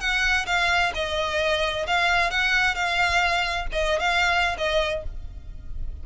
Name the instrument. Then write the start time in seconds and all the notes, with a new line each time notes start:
violin
0.00 F#5
0.46 F5
0.95 D#5
1.87 F5
2.30 F#5
2.75 F5
3.72 D#5
4.00 F5
4.58 D#5